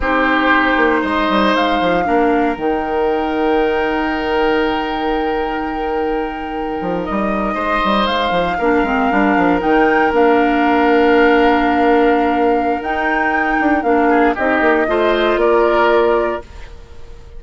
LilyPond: <<
  \new Staff \with { instrumentName = "flute" } { \time 4/4 \tempo 4 = 117 c''2 dis''4 f''4~ | f''4 g''2.~ | g''1~ | g''4.~ g''16 dis''2 f''16~ |
f''2~ f''8. g''4 f''16~ | f''1~ | f''4 g''2 f''4 | dis''2 d''2 | }
  \new Staff \with { instrumentName = "oboe" } { \time 4/4 g'2 c''2 | ais'1~ | ais'1~ | ais'2~ ais'8. c''4~ c''16~ |
c''8. ais'2.~ ais'16~ | ais'1~ | ais'2.~ ais'8 gis'8 | g'4 c''4 ais'2 | }
  \new Staff \with { instrumentName = "clarinet" } { \time 4/4 dis'1 | d'4 dis'2.~ | dis'1~ | dis'1~ |
dis'8. d'8 c'8 d'4 dis'4 d'16~ | d'1~ | d'4 dis'2 d'4 | dis'4 f'2. | }
  \new Staff \with { instrumentName = "bassoon" } { \time 4/4 c'4. ais8 gis8 g8 gis8 f8 | ais4 dis2.~ | dis1~ | dis4~ dis16 f8 g4 gis8 g8 gis16~ |
gis16 f8 ais8 gis8 g8 f8 dis4 ais16~ | ais1~ | ais4 dis'4. d'8 ais4 | c'8 ais8 a4 ais2 | }
>>